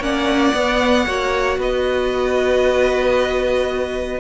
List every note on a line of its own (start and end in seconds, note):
0.00 0.53 A#3
0.00 0.54 C#4
0.00 1.06 D5
0.00 1.61 F#5
0.54 1.07 B3
0.54 1.08 B3
1.06 1.58 A#3
1.06 4.21 F#4
1.06 1.59 C#5
1.58 4.21 B3
1.58 4.21 B4
1.58 4.21 D#5